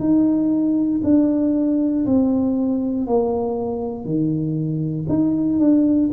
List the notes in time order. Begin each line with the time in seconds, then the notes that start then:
0.00 D#4
1.04 D4
2.07 C4
3.07 A#3
4.05 D#3
5.09 D#4
5.60 D4